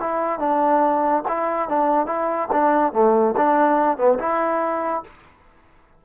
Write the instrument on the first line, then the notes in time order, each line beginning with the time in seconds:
trombone
0.00 E4
0.39 D4
1.28 E4
1.69 D4
2.06 E4
2.52 D4
2.93 A3
3.37 D4
3.98 B3
4.19 E4